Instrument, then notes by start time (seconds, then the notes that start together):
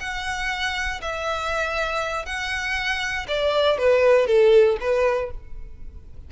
violin
0.00 F#5
1.01 E5
2.26 F#5
3.28 D5
3.78 B4
4.27 A4
4.80 B4